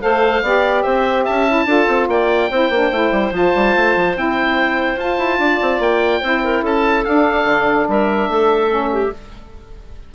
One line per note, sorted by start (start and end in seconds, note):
0.00 0.42 A3
0.00 0.41 A4
0.00 0.43 C5
0.00 0.82 F5
0.42 0.83 B3
0.42 1.47 G4
0.42 0.83 D5
0.82 1.27 C4
0.82 1.23 C5
0.82 1.24 E5
1.23 1.65 C#4
1.23 1.64 E5
1.23 2.07 A5
1.47 1.66 E4
1.65 1.86 D4
1.65 2.49 F4
1.65 2.09 A4
1.87 2.08 C4
2.08 2.49 A#3
2.08 2.50 D5
2.08 3.33 G5
2.50 2.69 C4
2.50 2.72 E4
2.50 5.40 C5
2.69 2.90 A#3
2.69 2.93 D4
2.91 3.11 A3
2.91 3.32 E4
3.11 3.31 G3
3.31 3.52 F3
3.31 4.15 F4
3.31 4.17 A5
3.55 3.75 G3
3.75 3.95 A3
3.95 4.15 F3
4.15 4.95 C4
4.15 4.97 E4
4.15 4.99 G5
4.95 5.16 F4
4.95 6.21 F4
4.95 5.81 A5
5.18 5.38 E4
5.38 5.59 D4
5.38 6.20 D5
5.62 5.79 C4
5.79 6.20 A#3
5.79 6.64 G5
6.20 6.62 C4
6.20 7.04 E4
6.20 6.41 C5
6.44 6.62 A#4
6.62 7.03 C#4
6.62 7.86 A4
6.62 7.04 A5
7.04 7.44 D4
7.04 8.68 D4
7.04 7.87 F5
7.44 7.85 D3
7.88 8.29 G3
7.88 8.29 A#4
7.88 9.14 E5
8.29 9.12 A3
8.29 8.91 A4
8.68 9.09 C#4
8.92 9.12 G4